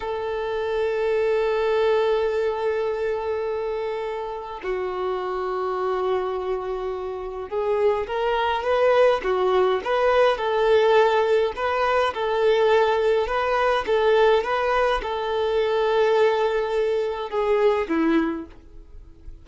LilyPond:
\new Staff \with { instrumentName = "violin" } { \time 4/4 \tempo 4 = 104 a'1~ | a'1 | fis'1~ | fis'4 gis'4 ais'4 b'4 |
fis'4 b'4 a'2 | b'4 a'2 b'4 | a'4 b'4 a'2~ | a'2 gis'4 e'4 | }